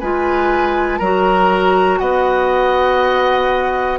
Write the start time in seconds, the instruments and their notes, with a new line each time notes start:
0.00 bassoon G#3, clarinet F4, oboe B4, flute G#5
0.99 bassoon F#3, clarinet F#4, oboe A#4, flute A#5
1.98 bassoon B3, oboe D#5, flute F#5